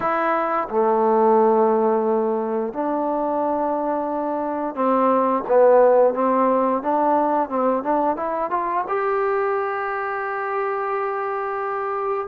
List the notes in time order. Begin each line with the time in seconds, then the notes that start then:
0.00 E4
0.69 A3
2.73 D4
4.75 C4
5.48 B3
6.14 C4
6.82 D4
7.49 C4
7.83 D4
8.16 E4
8.50 F4
8.88 G4